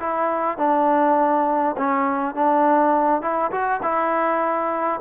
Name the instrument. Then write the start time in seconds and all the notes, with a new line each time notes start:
trombone
0.00 E4
0.58 D4
1.77 C#4
2.35 D4
3.22 E4
3.51 F#4
3.82 E4